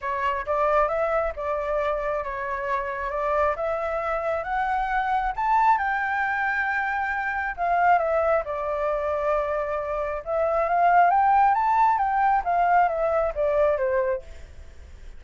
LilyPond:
\new Staff \with { instrumentName = "flute" } { \time 4/4 \tempo 4 = 135 cis''4 d''4 e''4 d''4~ | d''4 cis''2 d''4 | e''2 fis''2 | a''4 g''2.~ |
g''4 f''4 e''4 d''4~ | d''2. e''4 | f''4 g''4 a''4 g''4 | f''4 e''4 d''4 c''4 | }